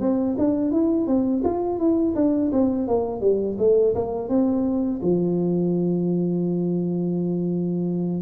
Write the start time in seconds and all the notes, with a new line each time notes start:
0.00 C4
0.38 D4
0.71 E4
1.06 C4
1.44 F4
1.79 E4
2.15 D4
2.52 C4
2.87 A#3
3.21 G3
3.58 A3
3.95 A#3
4.29 C4
5.02 F3